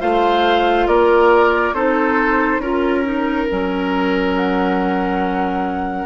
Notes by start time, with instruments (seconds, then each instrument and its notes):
0.00 bassoon A3, clarinet F4, oboe C5, flute F5
0.87 bassoon A#3, oboe A#4, flute D5
1.72 bassoon C4, clarinet D#4, oboe A4, flute C5
2.58 bassoon C#4, clarinet F4, flute A#4, oboe A#4
3.04 clarinet D#4
3.48 bassoon F#3, clarinet C#4
4.36 flute F#5